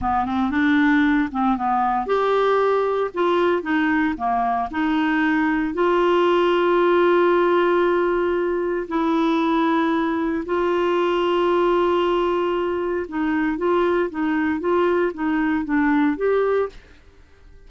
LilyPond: \new Staff \with { instrumentName = "clarinet" } { \time 4/4 \tempo 4 = 115 b8 c'8 d'4. c'8 b4 | g'2 f'4 dis'4 | ais4 dis'2 f'4~ | f'1~ |
f'4 e'2. | f'1~ | f'4 dis'4 f'4 dis'4 | f'4 dis'4 d'4 g'4 | }